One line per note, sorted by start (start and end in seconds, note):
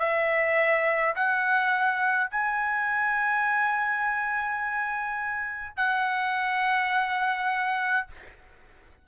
0.00 1.15 E5
1.16 2.31 F#5
2.31 5.77 G#5
5.77 8.08 F#5